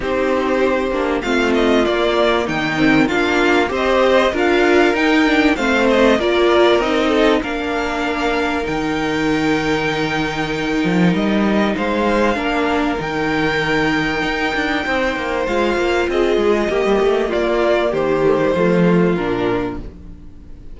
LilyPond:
<<
  \new Staff \with { instrumentName = "violin" } { \time 4/4 \tempo 4 = 97 c''2 f''8 dis''8 d''4 | g''4 f''4 dis''4 f''4 | g''4 f''8 dis''8 d''4 dis''4 | f''2 g''2~ |
g''2 dis''4 f''4~ | f''4 g''2.~ | g''4 f''4 dis''2 | d''4 c''2 ais'4 | }
  \new Staff \with { instrumentName = "violin" } { \time 4/4 g'2 f'2 | dis'4 f'4 c''4 ais'4~ | ais'4 c''4 ais'4. a'8 | ais'1~ |
ais'2. c''4 | ais'1 | c''2 gis'4 g'4 | f'4 g'4 f'2 | }
  \new Staff \with { instrumentName = "viola" } { \time 4/4 dis'4. d'8 c'4 ais4~ | ais8 c'8 d'4 g'4 f'4 | dis'8 d'8 c'4 f'4 dis'4 | d'2 dis'2~ |
dis'1 | d'4 dis'2.~ | dis'4 f'2 ais4~ | ais4. a16 g16 a4 d'4 | }
  \new Staff \with { instrumentName = "cello" } { \time 4/4 c'4. ais8 a4 ais4 | dis4 ais4 c'4 d'4 | dis'4 a4 ais4 c'4 | ais2 dis2~ |
dis4. f8 g4 gis4 | ais4 dis2 dis'8 d'8 | c'8 ais8 gis8 ais8 c'8 gis8 ais16 g16 a8 | ais4 dis4 f4 ais,4 | }
>>